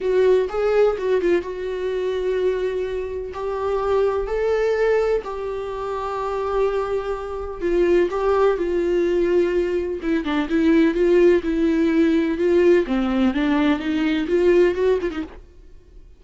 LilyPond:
\new Staff \with { instrumentName = "viola" } { \time 4/4 \tempo 4 = 126 fis'4 gis'4 fis'8 f'8 fis'4~ | fis'2. g'4~ | g'4 a'2 g'4~ | g'1 |
f'4 g'4 f'2~ | f'4 e'8 d'8 e'4 f'4 | e'2 f'4 c'4 | d'4 dis'4 f'4 fis'8 f'16 dis'16 | }